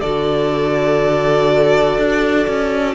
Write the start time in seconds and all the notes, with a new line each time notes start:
0.00 D3 F#4 A4 D5
1.98 D4
2.47 C#4